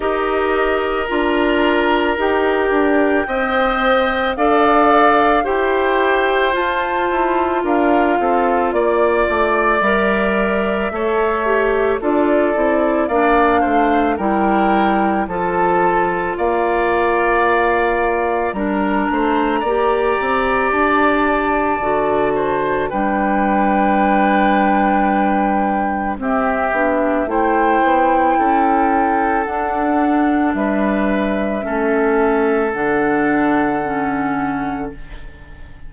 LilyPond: <<
  \new Staff \with { instrumentName = "flute" } { \time 4/4 \tempo 4 = 55 dis''4 ais''4 g''2 | f''4 g''4 a''4 f''4 | d''4 e''2 d''4 | f''4 g''4 a''4 f''4~ |
f''4 ais''2 a''4~ | a''4 g''2. | e''4 g''2 fis''4 | e''2 fis''2 | }
  \new Staff \with { instrumentName = "oboe" } { \time 4/4 ais'2. dis''4 | d''4 c''2 ais'8 a'8 | d''2 cis''4 a'4 | d''8 c''8 ais'4 a'4 d''4~ |
d''4 ais'8 c''8 d''2~ | d''8 c''8 b'2. | g'4 c''4 a'2 | b'4 a'2. | }
  \new Staff \with { instrumentName = "clarinet" } { \time 4/4 g'4 f'4 g'4 c''4 | a'4 g'4 f'2~ | f'4 ais'4 a'8 g'8 f'8 e'8 | d'4 e'4 f'2~ |
f'4 d'4 g'2 | fis'4 d'2. | c'8 d'8 e'2 d'4~ | d'4 cis'4 d'4 cis'4 | }
  \new Staff \with { instrumentName = "bassoon" } { \time 4/4 dis'4 d'4 dis'8 d'8 c'4 | d'4 e'4 f'8 e'8 d'8 c'8 | ais8 a8 g4 a4 d'8 c'8 | ais8 a8 g4 f4 ais4~ |
ais4 g8 a8 ais8 c'8 d'4 | d4 g2. | c'8 b8 a8 b8 cis'4 d'4 | g4 a4 d2 | }
>>